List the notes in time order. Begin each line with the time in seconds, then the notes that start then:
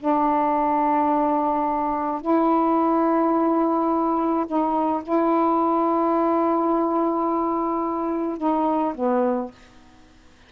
0.00 D4
2.22 E4
4.47 D#4
5.03 E4
8.38 D#4
8.95 B3